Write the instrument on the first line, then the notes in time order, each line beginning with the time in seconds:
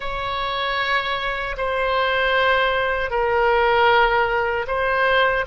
oboe
0.00 C#5
1.57 C5
3.10 A#4
4.67 C5